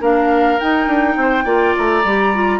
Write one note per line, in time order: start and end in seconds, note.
0.00 0.58 A#3
0.00 0.58 D4
0.00 1.16 A#4
0.00 0.59 F5
0.59 1.44 D#4
0.59 0.86 D#4
0.59 1.75 G5
0.86 1.15 D4
1.16 1.45 C4
1.16 1.44 C5
1.44 1.73 A#3
1.44 2.02 F4
1.44 2.59 D5
1.76 2.04 A3
1.76 2.60 A#5
2.04 2.60 G3
2.04 2.34 G4
2.34 2.60 F4